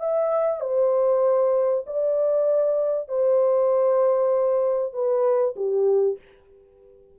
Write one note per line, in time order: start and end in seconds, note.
0.00 0.61 E5
0.61 1.84 C5
1.87 3.09 D5
3.09 4.93 C5
4.93 5.55 B4
5.56 6.18 G4